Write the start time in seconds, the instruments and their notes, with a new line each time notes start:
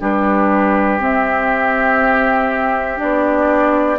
0.00 bassoon G3, clarinet D4, oboe G4, flute B4
1.00 clarinet C4, bassoon C4, flute E5
2.98 bassoon B3, clarinet D4, flute D5